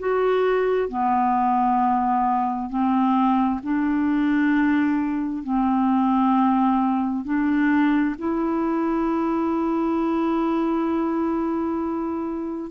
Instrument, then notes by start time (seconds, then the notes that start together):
clarinet
0.00 F#4
0.89 B3
2.70 C4
3.64 D4
5.44 C4
7.25 D4
8.19 E4